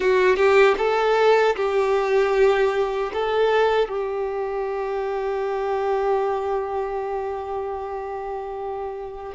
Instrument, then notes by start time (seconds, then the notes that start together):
violin
0.00 F#4
0.36 G4
0.77 A4
1.56 G4
3.13 A4
3.88 G4